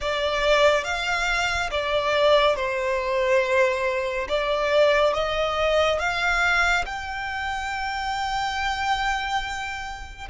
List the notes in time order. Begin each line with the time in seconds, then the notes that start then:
0.00 D5
0.84 F5
1.71 D5
2.56 C5
4.28 D5
5.13 D#5
5.99 F5
6.85 G5